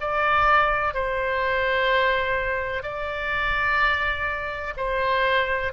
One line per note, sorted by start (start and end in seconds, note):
0.00 0.94 D5
0.94 2.83 C5
2.83 4.73 D5
4.77 5.72 C5